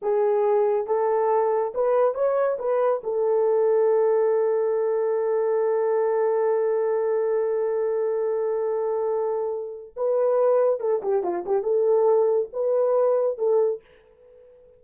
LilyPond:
\new Staff \with { instrumentName = "horn" } { \time 4/4 \tempo 4 = 139 gis'2 a'2 | b'4 cis''4 b'4 a'4~ | a'1~ | a'1~ |
a'1~ | a'2. b'4~ | b'4 a'8 g'8 f'8 g'8 a'4~ | a'4 b'2 a'4 | }